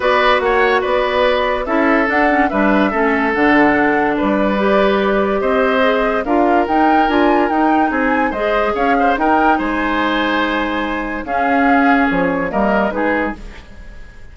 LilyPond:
<<
  \new Staff \with { instrumentName = "flute" } { \time 4/4 \tempo 4 = 144 d''4 fis''4 d''2 | e''4 fis''4 e''2 | fis''2 d''2~ | d''4 dis''2 f''4 |
g''4 gis''4 g''4 gis''4 | dis''4 f''4 g''4 gis''4~ | gis''2. f''4~ | f''4 cis''4 dis''4 b'4 | }
  \new Staff \with { instrumentName = "oboe" } { \time 4/4 b'4 cis''4 b'2 | a'2 b'4 a'4~ | a'2 b'2~ | b'4 c''2 ais'4~ |
ais'2. gis'4 | c''4 cis''8 c''8 ais'4 c''4~ | c''2. gis'4~ | gis'2 ais'4 gis'4 | }
  \new Staff \with { instrumentName = "clarinet" } { \time 4/4 fis'1 | e'4 d'8 cis'8 d'4 cis'4 | d'2. g'4~ | g'2 gis'4 f'4 |
dis'4 f'4 dis'2 | gis'2 dis'2~ | dis'2. cis'4~ | cis'2 ais4 dis'4 | }
  \new Staff \with { instrumentName = "bassoon" } { \time 4/4 b4 ais4 b2 | cis'4 d'4 g4 a4 | d2 g2~ | g4 c'2 d'4 |
dis'4 d'4 dis'4 c'4 | gis4 cis'4 dis'4 gis4~ | gis2. cis'4~ | cis'4 f4 g4 gis4 | }
>>